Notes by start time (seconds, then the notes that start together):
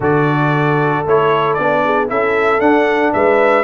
0.00 D3 F#4 A4 D5
1.06 A3 E4 C#5
1.53 B3 D4 D5
1.84 G#4
2.07 C#4 E4 A4 E5
2.59 D4 F#5
3.13 G#3 B4 E5